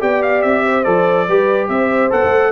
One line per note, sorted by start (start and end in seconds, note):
0.00 0.44 B3
0.00 0.85 G4
0.00 0.64 D5
0.00 0.23 G5
0.23 0.42 F5
0.42 0.86 C4
0.42 0.84 E5
0.65 1.27 C5
0.84 1.28 F3
0.84 1.27 A4
0.84 1.68 D5
1.27 1.69 G3
1.27 2.10 G4
1.27 1.70 B4
1.69 2.11 C4
1.69 2.52 C5
1.69 2.11 E5
2.10 2.24 B3
2.10 2.52 A4
2.10 2.52 F#5
2.24 2.52 A3